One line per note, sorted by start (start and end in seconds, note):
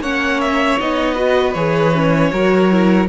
0.00 0.77 A#3
0.00 0.80 C#4
0.00 1.15 C#5
0.00 0.41 F#5
0.41 0.79 E5
0.80 1.55 B3
0.80 1.16 D#4
0.80 1.54 D#5
1.15 1.54 F#4
1.15 2.30 B4
1.54 2.32 E3
1.54 1.95 G#4
1.54 3.08 C#5
1.95 2.33 C#4
2.33 3.09 F#3
2.33 2.71 F#4
2.33 3.09 A#4
2.71 3.09 E4